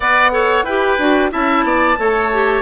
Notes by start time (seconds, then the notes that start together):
0.00 B3 B4 D5 F#5
0.31 A4 C#5
0.63 E4 G4 B4 G5
0.98 D4 F#4
1.30 C#4 E4 E5 A5
1.63 B3 D5
1.98 A3 A4 C#5
2.32 G4